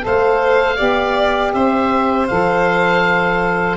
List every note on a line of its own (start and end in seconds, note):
0.00 0.80 A3
0.00 0.75 A4
0.00 0.76 C5
0.00 1.53 F5
0.76 1.54 B3
0.76 2.26 G4
0.76 1.51 D5
1.53 2.29 C4
1.53 3.77 C5
1.53 2.27 E5
2.27 3.77 F3
2.27 3.77 A4
2.27 3.77 F5